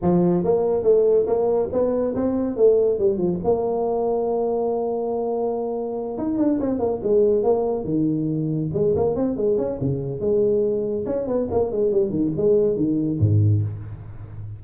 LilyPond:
\new Staff \with { instrumentName = "tuba" } { \time 4/4 \tempo 4 = 141 f4 ais4 a4 ais4 | b4 c'4 a4 g8 f8 | ais1~ | ais2~ ais8 dis'8 d'8 c'8 |
ais8 gis4 ais4 dis4.~ | dis8 gis8 ais8 c'8 gis8 cis'8 cis4 | gis2 cis'8 b8 ais8 gis8 | g8 dis8 gis4 dis4 gis,4 | }